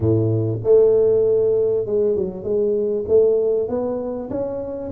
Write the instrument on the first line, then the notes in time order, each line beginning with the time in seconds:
tuba
0.00 A2
0.63 A3
1.86 G#3
2.16 F#3
2.43 G#3
3.08 A3
3.68 B3
4.29 C#4